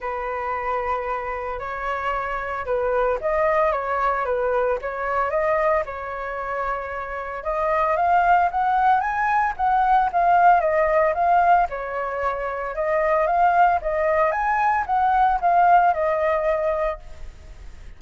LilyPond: \new Staff \with { instrumentName = "flute" } { \time 4/4 \tempo 4 = 113 b'2. cis''4~ | cis''4 b'4 dis''4 cis''4 | b'4 cis''4 dis''4 cis''4~ | cis''2 dis''4 f''4 |
fis''4 gis''4 fis''4 f''4 | dis''4 f''4 cis''2 | dis''4 f''4 dis''4 gis''4 | fis''4 f''4 dis''2 | }